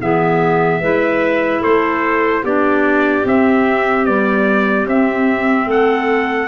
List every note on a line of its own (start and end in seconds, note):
0.00 0.81 E3
0.00 0.81 B3
0.00 0.81 G#4
0.00 1.63 E5
0.81 1.62 G#3
0.81 2.45 E4
0.81 1.61 B4
1.61 2.43 A3
1.61 2.42 A4
1.61 2.44 C5
2.42 3.24 B3
2.42 3.25 D4
2.42 5.67 G4
2.42 3.26 D5
3.25 4.06 C4
3.25 4.05 C4
3.25 4.05 E5
4.05 4.87 G3
4.05 4.86 B3
4.05 4.86 D5
4.86 5.67 C4
4.86 6.48 C4
4.86 5.70 E5
5.67 6.48 A3
5.67 6.48 A4
5.67 6.48 F#5